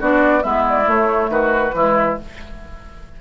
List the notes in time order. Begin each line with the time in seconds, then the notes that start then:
0.00 B3 D4 F#4 D5
0.41 G#3 B3 E4 E5
0.69 D5
0.85 A3 C#5
1.29 D#3 F#4 B4
1.74 E3 G#3 E4